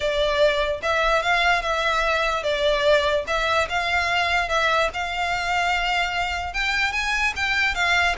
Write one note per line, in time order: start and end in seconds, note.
0.00 0.81 D5
0.82 1.22 E5
1.22 1.62 F5
1.62 2.43 E5
2.43 3.24 D5
3.27 3.68 E5
3.69 4.48 F5
4.48 4.89 E5
4.93 6.53 F5
6.53 6.92 G5
6.92 7.33 G#5
7.36 7.75 G5
7.75 8.15 F5